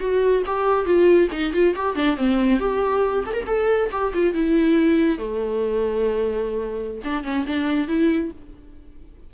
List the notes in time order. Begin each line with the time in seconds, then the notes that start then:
0.00 F#4
0.47 G4
0.86 F4
1.32 D#4
1.53 F4
1.76 G4
1.96 D4
2.17 C4
2.60 G4
3.26 A4
3.34 A#4
3.47 A4
3.92 G4
4.14 F4
4.34 E4
5.19 A3
7.04 D4
7.24 C#4
7.47 D4
7.88 E4